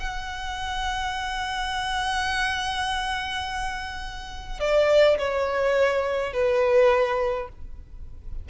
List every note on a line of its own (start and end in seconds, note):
0.00 4.60 F#5
4.60 5.18 D5
5.18 6.33 C#5
6.33 7.49 B4